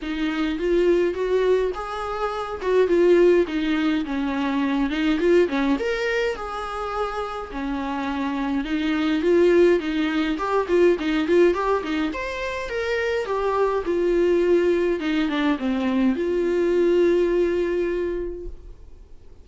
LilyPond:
\new Staff \with { instrumentName = "viola" } { \time 4/4 \tempo 4 = 104 dis'4 f'4 fis'4 gis'4~ | gis'8 fis'8 f'4 dis'4 cis'4~ | cis'8 dis'8 f'8 cis'8 ais'4 gis'4~ | gis'4 cis'2 dis'4 |
f'4 dis'4 g'8 f'8 dis'8 f'8 | g'8 dis'8 c''4 ais'4 g'4 | f'2 dis'8 d'8 c'4 | f'1 | }